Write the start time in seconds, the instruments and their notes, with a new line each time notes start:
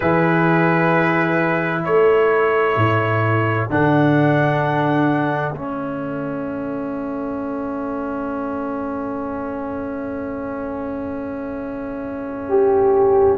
0.00 tuba E3, trombone E4, horn G#4, trumpet B4
1.82 tuba A3, horn A4, trumpet C#5
2.76 tuba A2
3.69 tuba D3, trombone D4, trumpet F#5
5.52 tuba A3, trombone C#4, trumpet E5
12.48 horn G4